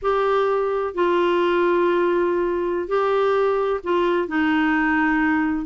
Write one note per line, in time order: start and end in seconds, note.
0.02 0.94 G4
0.94 2.88 F4
2.88 3.80 G4
3.83 4.28 F4
4.28 5.65 D#4